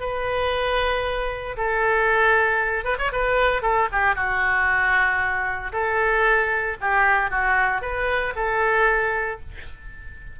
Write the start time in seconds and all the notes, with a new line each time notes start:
0.00 B4
1.57 A4
2.84 B4
2.99 C#5
3.12 B4
3.62 A4
3.92 G4
4.15 F#4
5.72 A4
6.81 G4
7.30 F#4
7.81 B4
8.36 A4